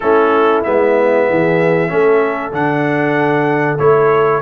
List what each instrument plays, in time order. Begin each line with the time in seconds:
0.00 tuba A3, trombone C#4, horn E4, trumpet A4
0.63 tuba G#3, trombone B3, trumpet E5
1.28 tuba E3, horn G#4
1.88 tuba A3, trombone C#4, horn A4
2.51 tuba D3, trombone D4, trumpet F#5
3.78 tuba A3, trombone E4, trumpet C#5